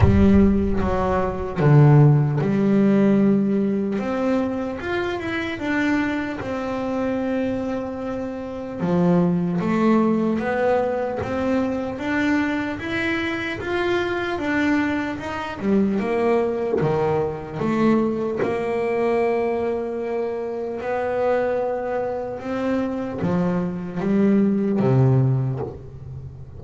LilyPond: \new Staff \with { instrumentName = "double bass" } { \time 4/4 \tempo 4 = 75 g4 fis4 d4 g4~ | g4 c'4 f'8 e'8 d'4 | c'2. f4 | a4 b4 c'4 d'4 |
e'4 f'4 d'4 dis'8 g8 | ais4 dis4 a4 ais4~ | ais2 b2 | c'4 f4 g4 c4 | }